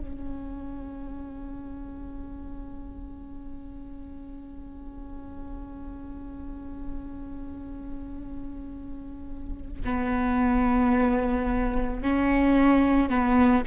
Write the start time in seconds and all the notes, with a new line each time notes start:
0.00 C#4
9.85 B3
12.03 C#4
13.10 B3